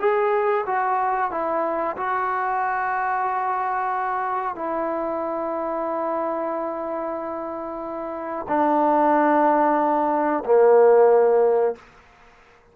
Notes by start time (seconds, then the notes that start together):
0.00 G#4
0.66 F#4
1.31 E4
1.97 F#4
4.55 E4
8.48 D4
10.45 A#3